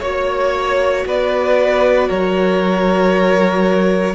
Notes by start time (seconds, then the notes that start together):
0.00 A#3 F#4 C#5
1.05 B3 B4 D5
2.08 F#3 A#4 C#5